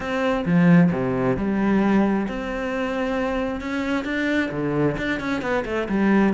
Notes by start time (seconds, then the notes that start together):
0.00 C4
0.45 F3
0.91 C3
1.37 G3
2.27 C4
3.60 C#4
4.04 D4
4.51 D3
4.97 D4
5.20 C#4
5.41 B3
5.65 A3
5.88 G3